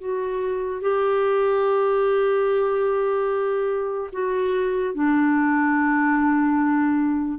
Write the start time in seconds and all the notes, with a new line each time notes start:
0.00 F#4
0.82 G4
4.13 F#4
4.95 D4